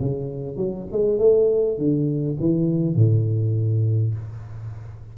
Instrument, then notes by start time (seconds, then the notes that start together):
tuba
0.00 C#3
0.56 F#3
0.92 G#3
1.19 A3
1.78 D3
2.40 E3
2.96 A2